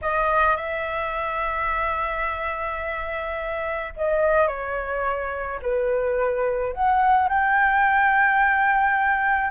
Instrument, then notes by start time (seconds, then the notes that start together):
flute
0.01 D#5
0.56 E5
3.96 D#5
4.47 C#5
5.62 B4
6.73 F#5
7.28 G5